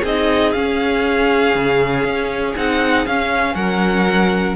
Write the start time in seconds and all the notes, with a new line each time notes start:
0.00 C4 G#4 D#5
0.06 D#4
0.53 C#4 F5
1.55 C#3
2.04 C#4
2.56 C4 D#4 F#5
3.06 C#4 F5
3.55 F#3 A#4 F#5